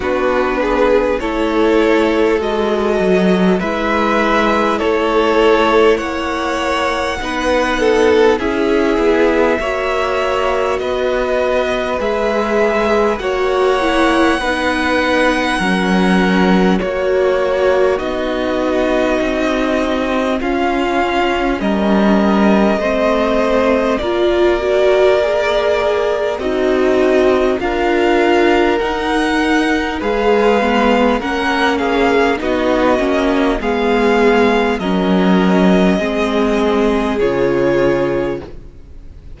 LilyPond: <<
  \new Staff \with { instrumentName = "violin" } { \time 4/4 \tempo 4 = 50 b'4 cis''4 dis''4 e''4 | cis''4 fis''2 e''4~ | e''4 dis''4 e''4 fis''4~ | fis''2 cis''4 dis''4~ |
dis''4 f''4 dis''2 | d''2 dis''4 f''4 | fis''4 f''4 fis''8 f''8 dis''4 | f''4 dis''2 cis''4 | }
  \new Staff \with { instrumentName = "violin" } { \time 4/4 fis'8 gis'8 a'2 b'4 | a'4 cis''4 b'8 a'8 gis'4 | cis''4 b'2 cis''4 | b'4 ais'4 fis'2~ |
fis'4 f'4 ais'4 c''4 | ais'2 dis'4 ais'4~ | ais'4 b'4 ais'8 gis'8 fis'4 | gis'4 ais'4 gis'2 | }
  \new Staff \with { instrumentName = "viola" } { \time 4/4 d'4 e'4 fis'4 e'4~ | e'2 dis'4 e'4 | fis'2 gis'4 fis'8 e'8 | dis'4 cis'4 fis'4 dis'4~ |
dis'4 cis'2 c'4 | f'8 fis'8 gis'4 fis'4 f'4 | dis'4 gis'8 b8 cis'4 dis'8 cis'8 | b4 cis'4 c'4 f'4 | }
  \new Staff \with { instrumentName = "cello" } { \time 4/4 b4 a4 gis8 fis8 gis4 | a4 ais4 b4 cis'8 b8 | ais4 b4 gis4 ais4 | b4 fis4 ais4 b4 |
c'4 cis'4 g4 a4 | ais2 c'4 d'4 | dis'4 gis4 ais4 b8 ais8 | gis4 fis4 gis4 cis4 | }
>>